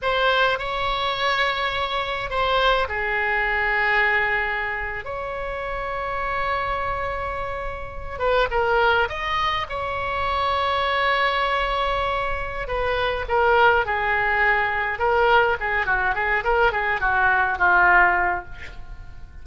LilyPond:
\new Staff \with { instrumentName = "oboe" } { \time 4/4 \tempo 4 = 104 c''4 cis''2. | c''4 gis'2.~ | gis'8. cis''2.~ cis''16~ | cis''2~ cis''16 b'8 ais'4 dis''16~ |
dis''8. cis''2.~ cis''16~ | cis''2 b'4 ais'4 | gis'2 ais'4 gis'8 fis'8 | gis'8 ais'8 gis'8 fis'4 f'4. | }